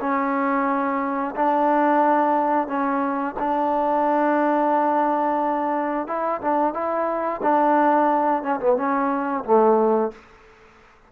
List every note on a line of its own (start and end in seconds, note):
0.00 1.35 C#4
1.35 2.68 D4
2.68 3.35 C#4
3.39 6.07 D4
6.07 6.41 E4
6.41 6.73 D4
6.73 7.41 E4
7.42 8.43 D4
8.43 8.60 C#4
8.60 8.77 B3
8.77 9.44 C#4
9.44 10.12 A3